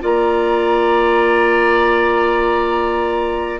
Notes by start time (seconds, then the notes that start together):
0.00 A#3 F4 D5 A#5